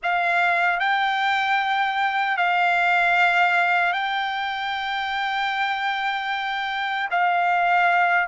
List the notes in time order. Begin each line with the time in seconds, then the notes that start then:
0.03 F5
0.79 G5
2.37 F5
3.93 G5
7.11 F5